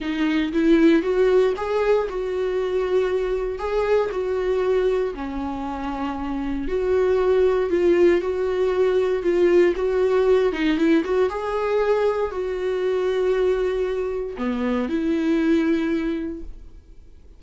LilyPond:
\new Staff \with { instrumentName = "viola" } { \time 4/4 \tempo 4 = 117 dis'4 e'4 fis'4 gis'4 | fis'2. gis'4 | fis'2 cis'2~ | cis'4 fis'2 f'4 |
fis'2 f'4 fis'4~ | fis'8 dis'8 e'8 fis'8 gis'2 | fis'1 | b4 e'2. | }